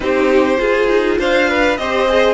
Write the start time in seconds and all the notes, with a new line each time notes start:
0.00 C4 D#4 G4 C5
0.57 F4 G#4
0.88 D#4
1.19 D4 C5 F5
1.49 B4
1.77 C4 G4 C5 D#5
2.08 G#4